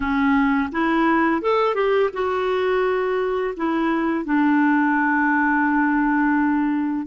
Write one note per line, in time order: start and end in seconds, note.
0.00 0.69 C#4
0.72 1.41 E4
1.41 1.75 A4
1.75 2.10 G4
2.13 3.54 F#4
3.56 4.24 E4
4.24 7.06 D4